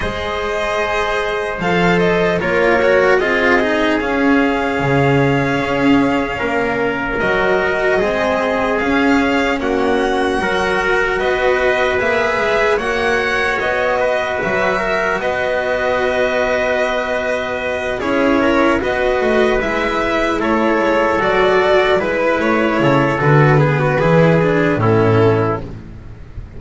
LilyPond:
<<
  \new Staff \with { instrumentName = "violin" } { \time 4/4 \tempo 4 = 75 dis''2 f''8 dis''8 cis''4 | dis''4 f''2.~ | f''4 dis''2 f''4 | fis''2 dis''4 e''4 |
fis''4 dis''4 e''4 dis''4~ | dis''2~ dis''8 cis''4 dis''8~ | dis''8 e''4 cis''4 d''4 b'8 | cis''4 b'2 a'4 | }
  \new Staff \with { instrumentName = "trumpet" } { \time 4/4 c''2. ais'4 | gis'1 | ais'2 gis'2 | fis'4 ais'4 b'2 |
cis''4. b'4 ais'8 b'4~ | b'2~ b'8 gis'8 ais'8 b'8~ | b'4. a'2 b'8~ | b'8 a'4 gis'16 fis'16 gis'4 e'4 | }
  \new Staff \with { instrumentName = "cello" } { \time 4/4 gis'2 a'4 f'8 fis'8 | f'8 dis'8 cis'2.~ | cis'4 fis'4 c'4 cis'4~ | cis'4 fis'2 gis'4 |
fis'1~ | fis'2~ fis'8 e'4 fis'8~ | fis'8 e'2 fis'4 e'8~ | e'4 fis'8 b8 e'8 d'8 cis'4 | }
  \new Staff \with { instrumentName = "double bass" } { \time 4/4 gis2 f4 ais4 | c'4 cis'4 cis4 cis'4 | ais4 fis4 gis4 cis'4 | ais4 fis4 b4 ais8 gis8 |
ais4 b4 fis4 b4~ | b2~ b8 cis'4 b8 | a8 gis4 a8 gis8 fis4 gis8 | a8 cis8 d4 e4 a,4 | }
>>